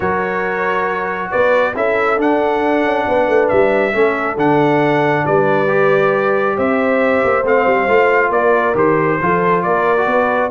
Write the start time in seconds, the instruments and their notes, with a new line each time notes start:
0.00 tuba F#3, trombone F#4, horn A#4, trumpet C#5
1.30 tuba B3, horn B4, trumpet D5
1.75 tuba C#4, trombone E4, horn A4, trumpet E5
2.17 trombone D4, tuba D4, trumpet F#5
2.83 tuba C#4
3.08 tuba B3, horn B4
3.27 tuba A3
3.48 tuba G3, trumpet E5
3.92 tuba A3, trombone C#4, horn A4
4.36 tuba D3, trombone D4, trumpet F#5
5.25 tuba G3, horn B4, trumpet D5
5.67 trombone G4
6.56 tuba C4, horn C5, trumpet E5
7.24 tuba A#3
7.43 tuba A3, trombone C4, trumpet F5
7.66 tuba G3
7.87 tuba A3, trombone F4
8.29 tuba A#3, horn A#4, trumpet D5
8.74 tuba D#3, trombone G4, trumpet C5
9.21 tuba F3, trombone F4, horn A4
9.63 tuba A#3, horn A#4, trumpet D5
9.97 trombone F#4
10.06 tuba B3, horn B4